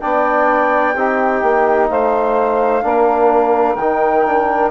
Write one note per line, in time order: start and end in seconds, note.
0.00 0.95 B3
0.00 0.95 D4
0.00 0.95 D5
0.00 1.88 G5
0.95 1.42 C4
0.95 2.82 D#4
0.95 1.88 G4
1.43 1.90 A#3
1.89 2.83 A3
1.89 2.84 C5
1.89 3.76 F5
2.82 3.77 A#3
2.82 3.76 D4
2.82 4.71 A#4
3.76 4.71 D#3
3.76 4.26 D#4
3.76 4.69 G5
4.26 4.71 D4